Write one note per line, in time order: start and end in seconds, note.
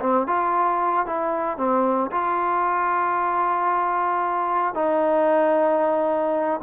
0.00 0.27 C4
0.27 1.06 F4
1.06 1.57 E4
1.57 2.10 C4
2.11 4.74 F4
4.74 6.60 D#4